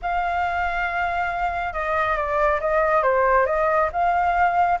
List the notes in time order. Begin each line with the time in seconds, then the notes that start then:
0.02 F5
1.73 D#5
2.16 D5
2.60 D#5
3.02 C5
3.46 D#5
3.92 F5